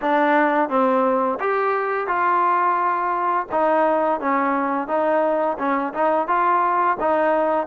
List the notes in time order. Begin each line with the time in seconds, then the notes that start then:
0.01 D4
0.69 C4
1.40 G4
2.07 F4
3.51 D#4
4.20 C#4
4.87 D#4
5.58 C#4
5.93 D#4
6.27 F4
7.00 D#4